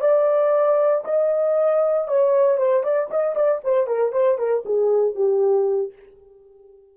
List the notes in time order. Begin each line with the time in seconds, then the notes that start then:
0.00 D5
1.04 D#5
2.08 C#5
2.57 C5
2.83 D5
3.10 D#5
3.35 D5
3.63 C5
3.87 A#4
4.12 C5
4.38 A#4
4.65 G#4
5.15 G4